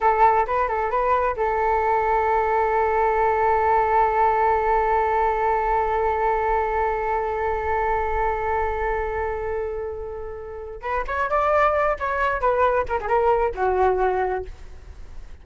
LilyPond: \new Staff \with { instrumentName = "flute" } { \time 4/4 \tempo 4 = 133 a'4 b'8 a'8 b'4 a'4~ | a'1~ | a'1~ | a'1~ |
a'1~ | a'1 | b'8 cis''8 d''4. cis''4 b'8~ | b'8 ais'16 gis'16 ais'4 fis'2 | }